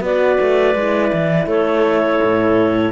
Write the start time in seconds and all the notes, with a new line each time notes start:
0.00 B3 F#4 B4 D5
0.40 A3
0.75 G#3 E4
1.13 E3
1.46 A3 A4 C#5
2.23 A2